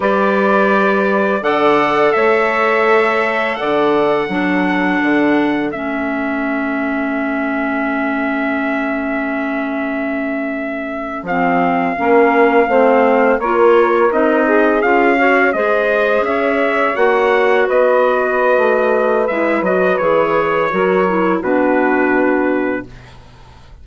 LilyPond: <<
  \new Staff \with { instrumentName = "trumpet" } { \time 4/4 \tempo 4 = 84 d''2 fis''4 e''4~ | e''4 fis''2. | e''1~ | e''2.~ e''8. f''16~ |
f''2~ f''8. cis''4 dis''16~ | dis''8. f''4 dis''4 e''4 fis''16~ | fis''8. dis''2~ dis''16 e''8 dis''8 | cis''2 b'2 | }
  \new Staff \with { instrumentName = "saxophone" } { \time 4/4 b'2 d''4 cis''4~ | cis''4 d''4 a'2~ | a'1~ | a'1~ |
a'8. ais'4 c''4 ais'4~ ais'16~ | ais'16 gis'4 cis''8 c''4 cis''4~ cis''16~ | cis''8. b'2.~ b'16~ | b'4 ais'4 fis'2 | }
  \new Staff \with { instrumentName = "clarinet" } { \time 4/4 g'2 a'2~ | a'2 d'2 | cis'1~ | cis'2.~ cis'8. c'16~ |
c'8. cis'4 c'4 f'4 dis'16~ | dis'8. f'8 fis'8 gis'2 fis'16~ | fis'2. e'8 fis'8 | gis'4 fis'8 e'8 d'2 | }
  \new Staff \with { instrumentName = "bassoon" } { \time 4/4 g2 d4 a4~ | a4 d4 fis4 d4 | a1~ | a2.~ a8. f16~ |
f8. ais4 a4 ais4 c'16~ | c'8. cis'4 gis4 cis'4 ais16~ | ais8. b4~ b16 a4 gis8 fis8 | e4 fis4 b,2 | }
>>